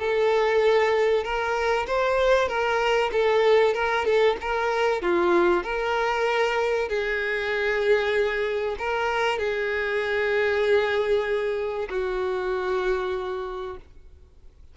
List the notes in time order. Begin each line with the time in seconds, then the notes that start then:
0.00 A4
1.24 A#4
1.87 C5
2.49 A#4
3.13 A4
3.75 A#4
4.06 A4
4.41 A#4
5.02 F4
5.64 A#4
6.89 G#4
8.79 A#4
9.39 G#4
11.90 F#4